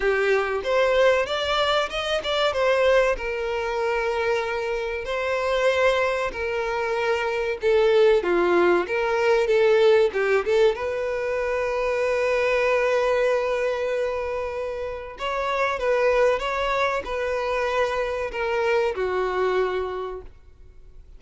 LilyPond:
\new Staff \with { instrumentName = "violin" } { \time 4/4 \tempo 4 = 95 g'4 c''4 d''4 dis''8 d''8 | c''4 ais'2. | c''2 ais'2 | a'4 f'4 ais'4 a'4 |
g'8 a'8 b'2.~ | b'1 | cis''4 b'4 cis''4 b'4~ | b'4 ais'4 fis'2 | }